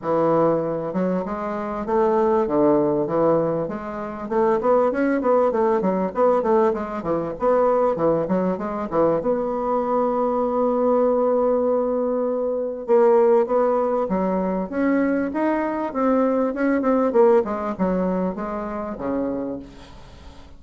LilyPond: \new Staff \with { instrumentName = "bassoon" } { \time 4/4 \tempo 4 = 98 e4. fis8 gis4 a4 | d4 e4 gis4 a8 b8 | cis'8 b8 a8 fis8 b8 a8 gis8 e8 | b4 e8 fis8 gis8 e8 b4~ |
b1~ | b4 ais4 b4 fis4 | cis'4 dis'4 c'4 cis'8 c'8 | ais8 gis8 fis4 gis4 cis4 | }